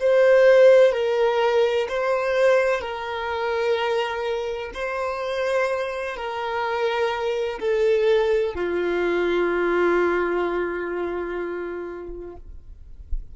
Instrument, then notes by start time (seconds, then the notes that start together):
violin
0.00 C5
0.92 A#4
1.89 C5
2.81 A#4
4.74 C5
6.16 A#4
7.59 A4
8.55 F4